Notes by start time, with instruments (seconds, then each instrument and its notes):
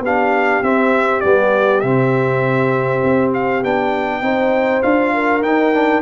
0.00 tuba B3, trombone D4, horn G4, trumpet F5
0.62 tuba C4, trombone C4, trumpet E5
1.20 tuba G3, trombone B3, trumpet D5
1.80 tuba C3, trombone C4, trumpet E5
3.03 tuba C4
3.33 trumpet F5
3.62 tuba B3, trombone D4, trumpet G5
4.21 tuba C4, trombone D#4, horn C5
4.82 tuba D4, trombone F4, trumpet F5
5.14 horn A#4
5.42 tuba D#4, trombone D#4, trumpet G5
5.73 trombone D4